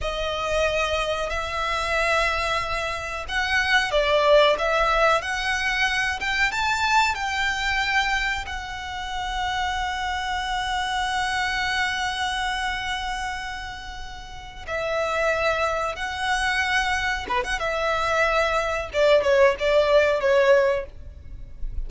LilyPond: \new Staff \with { instrumentName = "violin" } { \time 4/4 \tempo 4 = 92 dis''2 e''2~ | e''4 fis''4 d''4 e''4 | fis''4. g''8 a''4 g''4~ | g''4 fis''2.~ |
fis''1~ | fis''2~ fis''8 e''4.~ | e''8 fis''2 b'16 fis''16 e''4~ | e''4 d''8 cis''8 d''4 cis''4 | }